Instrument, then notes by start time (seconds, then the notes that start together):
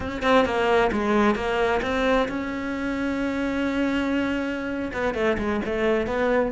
cello
0.00 C#4
0.22 C4
0.45 A#3
0.92 G#3
1.35 A#3
1.82 C4
2.28 C#4
4.93 B3
5.14 A3
5.38 G#3
5.65 A3
6.07 B3